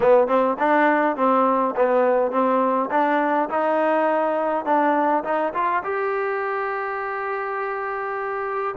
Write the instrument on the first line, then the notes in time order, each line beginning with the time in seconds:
trombone
0.00 B3
0.27 C4
0.59 D4
1.16 C4
1.76 B3
2.31 C4
2.90 D4
3.49 D#4
4.65 D4
5.24 D#4
5.53 F4
5.83 G4